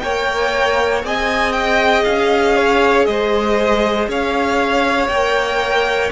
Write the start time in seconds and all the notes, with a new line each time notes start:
0.00 A#3 A#4 C#5 G5
1.02 C4 G#4 D#5 G#5
1.53 G5
2.04 C#4 F5
2.57 C#5
3.06 G#3 C5 D#5
4.08 C#4 C#5 F5
5.08 A#3 A#4 G5